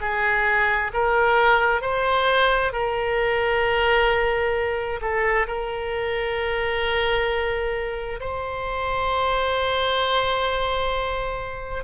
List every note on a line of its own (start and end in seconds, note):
0.00 0.91 G#4
0.93 1.81 A#4
1.81 2.72 C5
2.72 5.00 A#4
5.01 5.46 A4
5.47 8.19 A#4
8.20 11.83 C5